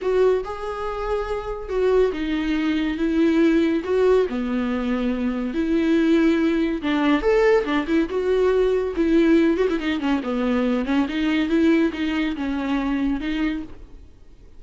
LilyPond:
\new Staff \with { instrumentName = "viola" } { \time 4/4 \tempo 4 = 141 fis'4 gis'2. | fis'4 dis'2 e'4~ | e'4 fis'4 b2~ | b4 e'2. |
d'4 a'4 d'8 e'8 fis'4~ | fis'4 e'4. fis'16 e'16 dis'8 cis'8 | b4. cis'8 dis'4 e'4 | dis'4 cis'2 dis'4 | }